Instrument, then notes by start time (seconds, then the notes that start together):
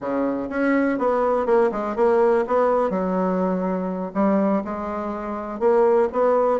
bassoon
0.00 C#3
0.49 C#4
0.98 B3
1.45 A#3
1.71 G#3
1.95 A#3
2.47 B3
2.90 F#3
4.14 G3
4.64 G#3
5.59 A#3
6.12 B3